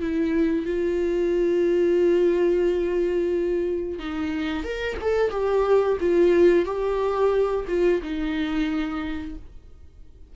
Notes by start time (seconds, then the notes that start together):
0.00 E4
0.66 F4
3.99 D#4
4.64 A#4
5.02 A4
5.31 G4
6.00 F4
6.65 G4
7.68 F4
8.02 D#4